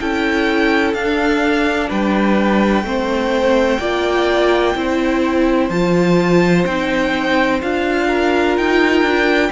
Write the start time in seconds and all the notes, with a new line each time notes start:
0.00 C#4 E4 A4 G5
0.93 D4 F5
1.89 G3 B4 G5
2.83 A3 C4 C5
3.79 A#3 F4 D5
4.75 C4 E4 C5
5.69 F3 F4 A5
6.65 C4 D#4 G5
7.62 D4 F4 F5
8.07 A#4
8.57 D#4 G5
9.02 D4